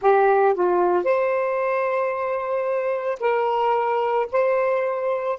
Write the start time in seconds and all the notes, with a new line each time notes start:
0.01 G4
0.54 F4
1.04 C5
3.19 A#4
4.31 C5